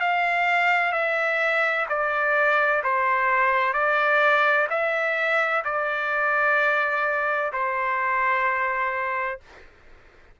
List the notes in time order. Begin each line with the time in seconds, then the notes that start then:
0.00 F5
0.92 E5
1.89 D5
2.83 C5
3.73 D5
4.70 E5
5.64 D5
7.52 C5